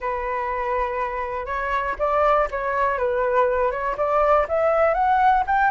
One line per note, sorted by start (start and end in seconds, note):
0.00 1.46 B4
1.46 1.95 C#5
1.98 2.48 D5
2.50 2.98 C#5
2.98 3.71 B4
3.71 3.96 C#5
3.97 4.46 D5
4.48 4.93 E5
4.93 5.43 F#5
5.46 5.70 G5